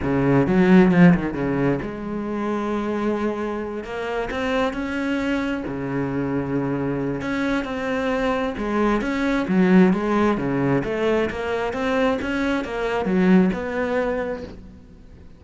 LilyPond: \new Staff \with { instrumentName = "cello" } { \time 4/4 \tempo 4 = 133 cis4 fis4 f8 dis8 cis4 | gis1~ | gis8 ais4 c'4 cis'4.~ | cis'8 cis2.~ cis8 |
cis'4 c'2 gis4 | cis'4 fis4 gis4 cis4 | a4 ais4 c'4 cis'4 | ais4 fis4 b2 | }